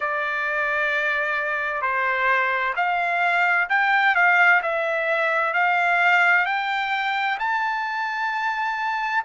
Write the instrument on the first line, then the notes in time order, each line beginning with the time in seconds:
trumpet
0.00 D5
1.81 C5
2.76 F5
3.69 G5
4.15 F5
4.62 E5
5.53 F5
6.45 G5
7.38 A5